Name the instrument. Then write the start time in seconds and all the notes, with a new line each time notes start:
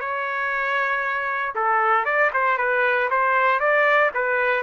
trumpet
0.00 C#5
1.55 A4
2.05 D5
2.33 C5
2.58 B4
3.10 C5
3.60 D5
4.14 B4